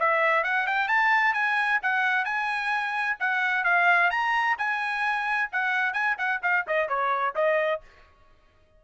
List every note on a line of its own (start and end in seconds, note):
0.00 0.44 E5
0.44 0.67 F#5
0.67 0.88 G5
0.88 1.34 A5
1.34 1.80 G#5
1.83 2.25 F#5
2.25 3.17 G#5
3.20 3.64 F#5
3.64 4.10 F5
4.11 4.57 A#5
4.58 5.50 G#5
5.52 5.93 F#5
5.93 6.17 G#5
6.18 6.41 F#5
6.43 6.66 F5
6.67 6.88 D#5
6.88 7.34 C#5
7.35 7.81 D#5